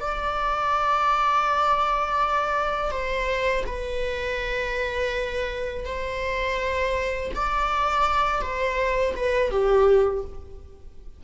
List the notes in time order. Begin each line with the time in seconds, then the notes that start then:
0.00 D5
2.91 C5
3.66 B4
5.85 C5
7.35 D5
8.41 C5
9.16 B4
9.51 G4